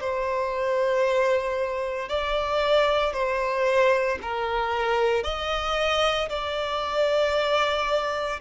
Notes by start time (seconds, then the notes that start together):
0.00 C5
2.09 D5
3.13 C5
4.22 A#4
5.23 D#5
6.29 D5